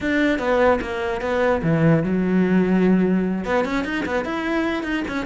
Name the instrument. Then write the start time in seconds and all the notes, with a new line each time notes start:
cello
0.00 D4
0.39 B3
0.81 A#3
1.21 B3
1.63 E3
2.03 F#3
3.44 B3
3.64 C#4
3.84 D#4
4.05 B3
4.24 E4
4.83 D#4
5.08 C#4